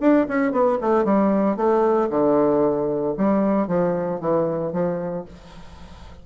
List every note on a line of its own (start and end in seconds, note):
0.00 0.26 D4
0.28 0.52 C#4
0.52 0.78 B3
0.81 1.04 A3
1.04 1.56 G3
1.56 2.09 A3
2.10 3.15 D3
3.17 3.67 G3
3.67 4.20 F3
4.20 4.72 E3
4.72 5.25 F3